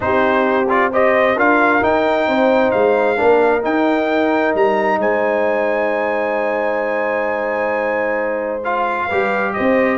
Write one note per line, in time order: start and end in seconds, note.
0.00 1.35 C4
0.00 0.64 D#4
0.00 0.92 G4
0.00 0.69 C5
0.69 0.91 F4
0.69 0.92 D5
0.92 1.36 G4
0.92 1.36 C5
0.92 1.38 D#5
1.35 1.81 D4
1.35 1.81 F4
1.35 2.27 A#4
1.35 1.83 F5
1.81 3.16 D#4
1.81 2.27 D#4
1.81 2.71 G5
2.27 2.72 C4
2.27 3.17 C5
2.71 3.19 G#3
2.71 3.62 F5
3.16 3.64 A#3
3.16 3.61 D4
3.16 4.99 A#4
3.61 8.61 D#4
3.61 4.54 D#4
3.61 4.54 G5
4.54 4.98 G3
4.54 5.00 A#5
4.98 9.07 G#3
4.98 9.06 C5
4.98 8.64 G#5
8.64 9.10 F4
8.64 9.53 F5
9.06 9.56 G3
9.06 9.98 G4
9.06 9.52 B4
9.53 9.98 C4
9.53 9.98 C5
9.53 9.98 D#5